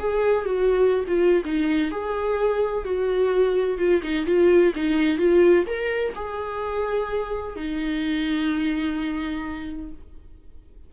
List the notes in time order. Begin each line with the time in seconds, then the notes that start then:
0.00 G#4
0.45 F#4
1.08 F4
1.45 D#4
1.91 G#4
2.85 F#4
3.78 F4
4.03 D#4
4.26 F4
4.75 D#4
5.18 F4
5.66 A#4
6.15 G#4
7.56 D#4